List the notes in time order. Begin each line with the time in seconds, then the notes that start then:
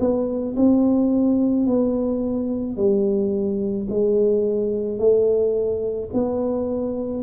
0.00 B3
0.56 C4
1.67 B3
2.76 G3
3.89 G#3
4.98 A3
6.13 B3